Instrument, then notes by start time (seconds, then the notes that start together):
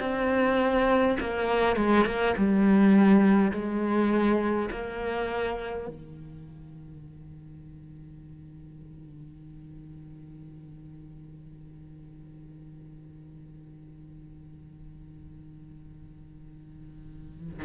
cello
0.00 C4
1.20 A#3
1.76 G#3
2.06 A#3
2.37 G3
3.51 G#3
4.71 A#3
5.87 D#3